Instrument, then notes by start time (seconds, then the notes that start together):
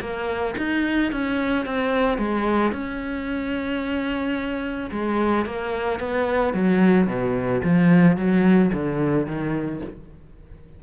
cello
0.00 A#3
0.57 D#4
1.12 C#4
1.65 C4
2.18 G#3
2.71 C#4
4.91 G#3
5.45 A#3
5.99 B3
6.53 F#3
7.07 B2
7.63 F3
8.16 F#3
8.73 D3
9.26 D#3